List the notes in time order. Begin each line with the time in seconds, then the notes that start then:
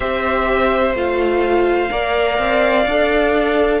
0.00 C4 G4 C5 E5
0.94 A3 F4 F5
1.90 A#3 A#4 D5
2.38 C4
2.86 D4 A4